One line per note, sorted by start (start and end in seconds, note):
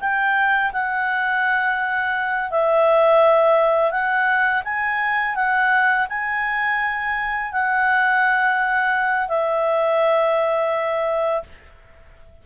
0.00 0.71 G5
0.72 2.51 F#5
2.51 3.91 E5
3.91 4.63 F#5
4.65 5.35 G#5
5.35 6.07 F#5
6.09 7.52 G#5
7.52 9.29 F#5
9.29 11.43 E5